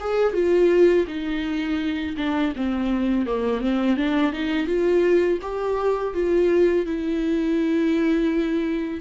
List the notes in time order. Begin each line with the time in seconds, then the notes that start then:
0.00 G#4
0.33 F4
1.07 D#4
2.17 D4
2.56 C4
3.26 A#3
3.61 C4
3.96 D4
4.32 D#4
4.66 F4
5.42 G4
6.13 F4
6.86 E4